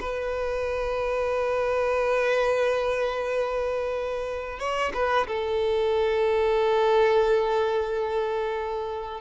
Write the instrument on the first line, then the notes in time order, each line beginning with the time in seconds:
violin
0.00 B4
4.59 C#5
4.94 B4
5.27 A4